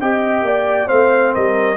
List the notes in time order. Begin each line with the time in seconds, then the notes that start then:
0.00 C4 G4 D#5 G5
0.42 A#3 D5
0.86 A3 C4 C5 F5
1.33 G3 A#4 D#5